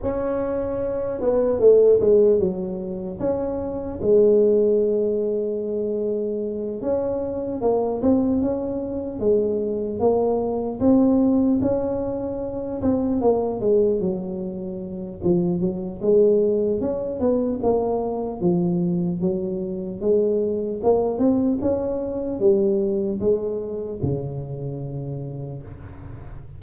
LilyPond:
\new Staff \with { instrumentName = "tuba" } { \time 4/4 \tempo 4 = 75 cis'4. b8 a8 gis8 fis4 | cis'4 gis2.~ | gis8 cis'4 ais8 c'8 cis'4 gis8~ | gis8 ais4 c'4 cis'4. |
c'8 ais8 gis8 fis4. f8 fis8 | gis4 cis'8 b8 ais4 f4 | fis4 gis4 ais8 c'8 cis'4 | g4 gis4 cis2 | }